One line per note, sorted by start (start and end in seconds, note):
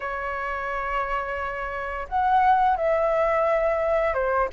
0.00 2.07 C#5
2.08 2.76 F#5
2.76 4.14 E5
4.14 4.48 C5